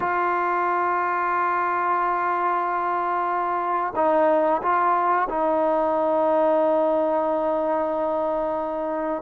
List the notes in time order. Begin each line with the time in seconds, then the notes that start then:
0.00 F4
3.95 D#4
4.62 F4
5.29 D#4